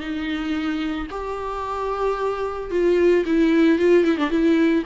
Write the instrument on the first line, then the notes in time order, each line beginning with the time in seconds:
viola
0.00 D#4
1.11 G4
2.71 F4
3.26 E4
3.79 F4
4.04 E4
4.17 D4
4.30 E4